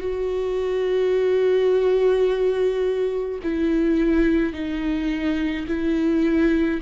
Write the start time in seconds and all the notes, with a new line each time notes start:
0.00 F#4
3.43 E4
4.53 D#4
5.68 E4